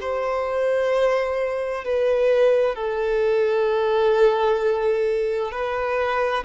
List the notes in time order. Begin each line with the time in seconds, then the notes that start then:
0.00 C5
1.84 B4
2.75 A4
5.51 B4